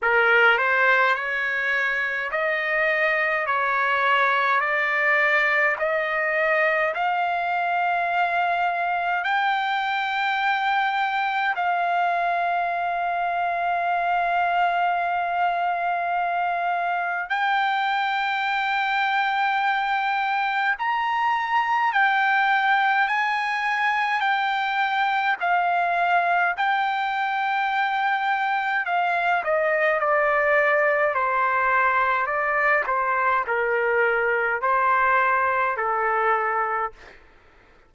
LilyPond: \new Staff \with { instrumentName = "trumpet" } { \time 4/4 \tempo 4 = 52 ais'8 c''8 cis''4 dis''4 cis''4 | d''4 dis''4 f''2 | g''2 f''2~ | f''2. g''4~ |
g''2 ais''4 g''4 | gis''4 g''4 f''4 g''4~ | g''4 f''8 dis''8 d''4 c''4 | d''8 c''8 ais'4 c''4 a'4 | }